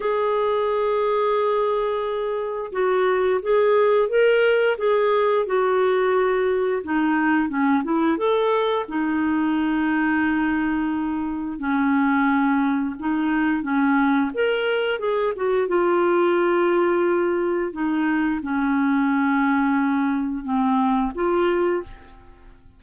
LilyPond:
\new Staff \with { instrumentName = "clarinet" } { \time 4/4 \tempo 4 = 88 gis'1 | fis'4 gis'4 ais'4 gis'4 | fis'2 dis'4 cis'8 e'8 | a'4 dis'2.~ |
dis'4 cis'2 dis'4 | cis'4 ais'4 gis'8 fis'8 f'4~ | f'2 dis'4 cis'4~ | cis'2 c'4 f'4 | }